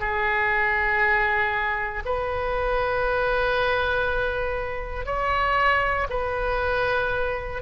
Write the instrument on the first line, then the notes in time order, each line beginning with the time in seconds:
oboe
0.00 G#4
2.05 B4
5.06 C#5
6.10 B4